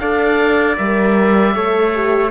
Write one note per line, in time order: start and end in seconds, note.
0.00 0.77 D4
0.00 0.78 A4
0.00 1.55 D5
0.00 0.77 F5
0.78 1.55 G3
0.78 1.55 A#4
0.78 2.31 E5
1.55 2.31 A3
1.55 1.93 A4
1.55 2.31 C#5
1.95 2.31 G4